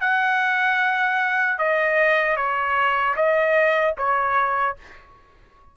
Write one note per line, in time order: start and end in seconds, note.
0.00 1.58 F#5
1.58 2.36 D#5
2.36 3.15 C#5
3.15 3.94 D#5
3.97 4.76 C#5